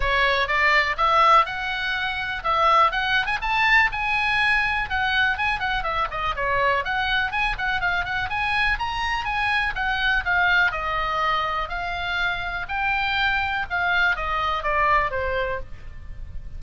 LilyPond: \new Staff \with { instrumentName = "oboe" } { \time 4/4 \tempo 4 = 123 cis''4 d''4 e''4 fis''4~ | fis''4 e''4 fis''8. gis''16 a''4 | gis''2 fis''4 gis''8 fis''8 | e''8 dis''8 cis''4 fis''4 gis''8 fis''8 |
f''8 fis''8 gis''4 ais''4 gis''4 | fis''4 f''4 dis''2 | f''2 g''2 | f''4 dis''4 d''4 c''4 | }